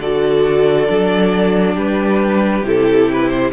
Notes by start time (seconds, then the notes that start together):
0.00 D3 F#4 A4 D5
0.87 F#3 D4
1.75 G3 G4 B4
2.62 C3 E4 A4
3.13 B4
3.29 C5